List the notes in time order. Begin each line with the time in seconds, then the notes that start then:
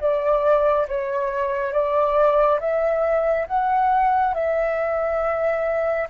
0.00 D5
0.88 C#5
1.73 D5
2.60 E5
3.47 F#5
4.34 E5